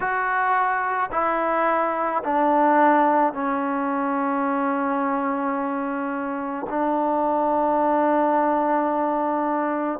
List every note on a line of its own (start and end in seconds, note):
0.00 1.10 F#4
1.11 2.22 E4
2.23 3.33 D4
3.33 6.66 C#4
6.69 9.99 D4